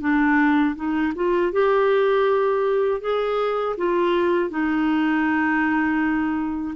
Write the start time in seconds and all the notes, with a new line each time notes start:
0.00 D4
0.75 D#4
1.15 F4
1.52 G4
3.01 G#4
3.77 F4
4.50 D#4